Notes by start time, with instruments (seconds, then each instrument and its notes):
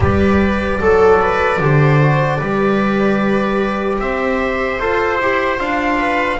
0.00 double bass G3, trombone G4, viola B4, trumpet D5
0.80 double bass F#3, viola A4, trombone A4
1.21 viola B4
1.59 double bass D3, trombone G4, viola C5
2.01 trombone F#4
2.38 double bass G3, trombone G4, viola B4
3.99 double bass C4, viola C5, trumpet E5
4.79 double bass F4, trombone A4, trumpet C5
5.19 double bass E4, trombone G4
5.58 double bass D4, trombone F4, trumpet F5
5.99 viola B4